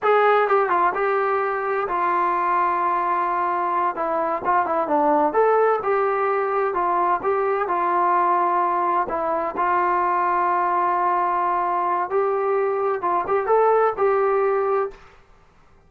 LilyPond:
\new Staff \with { instrumentName = "trombone" } { \time 4/4 \tempo 4 = 129 gis'4 g'8 f'8 g'2 | f'1~ | f'8 e'4 f'8 e'8 d'4 a'8~ | a'8 g'2 f'4 g'8~ |
g'8 f'2. e'8~ | e'8 f'2.~ f'8~ | f'2 g'2 | f'8 g'8 a'4 g'2 | }